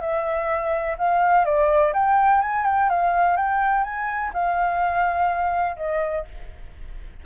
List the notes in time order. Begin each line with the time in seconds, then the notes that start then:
0.00 E5
0.98 F5
1.45 D5
1.93 G5
2.41 G#5
2.65 G5
2.89 F5
3.36 G5
3.83 G#5
4.33 F5
5.76 D#5